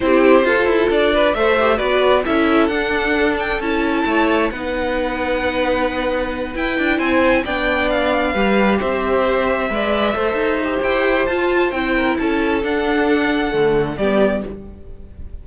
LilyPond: <<
  \new Staff \with { instrumentName = "violin" } { \time 4/4 \tempo 4 = 133 c''2 d''4 e''4 | d''4 e''4 fis''4. g''8 | a''2 fis''2~ | fis''2~ fis''8 g''4 gis''8~ |
gis''8 g''4 f''2 e''8~ | e''1 | g''4 a''4 g''4 a''4 | fis''2. d''4 | }
  \new Staff \with { instrumentName = "violin" } { \time 4/4 g'4 a'4. b'8 c''4 | b'4 a'2.~ | a'4 cis''4 b'2~ | b'2.~ b'8 c''8~ |
c''8 d''2 b'4 c''8~ | c''4. d''4 c''4.~ | c''2~ c''8 ais'8 a'4~ | a'2. g'4 | }
  \new Staff \with { instrumentName = "viola" } { \time 4/4 e'4 f'2 a'8 g'8 | fis'4 e'4 d'2 | e'2 dis'2~ | dis'2~ dis'8 e'4.~ |
e'8 d'2 g'4.~ | g'4. b'4 a'4 g'8~ | g'4 f'4 e'2 | d'2 a4 b4 | }
  \new Staff \with { instrumentName = "cello" } { \time 4/4 c'4 f'8 e'8 d'4 a4 | b4 cis'4 d'2 | cis'4 a4 b2~ | b2~ b8 e'8 d'8 c'8~ |
c'8 b2 g4 c'8~ | c'4. gis4 a8 dis'4 | e'4 f'4 c'4 cis'4 | d'2 d4 g4 | }
>>